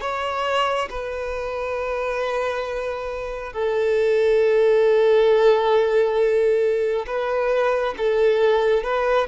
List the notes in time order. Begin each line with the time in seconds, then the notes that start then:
0.00 C#5
0.89 B4
3.53 A4
7.06 B4
7.97 A4
8.83 B4